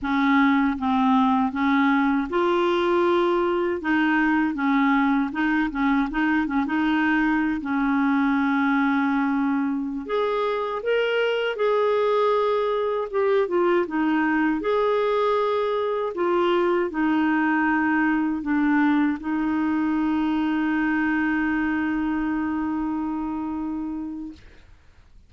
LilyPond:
\new Staff \with { instrumentName = "clarinet" } { \time 4/4 \tempo 4 = 79 cis'4 c'4 cis'4 f'4~ | f'4 dis'4 cis'4 dis'8 cis'8 | dis'8 cis'16 dis'4~ dis'16 cis'2~ | cis'4~ cis'16 gis'4 ais'4 gis'8.~ |
gis'4~ gis'16 g'8 f'8 dis'4 gis'8.~ | gis'4~ gis'16 f'4 dis'4.~ dis'16~ | dis'16 d'4 dis'2~ dis'8.~ | dis'1 | }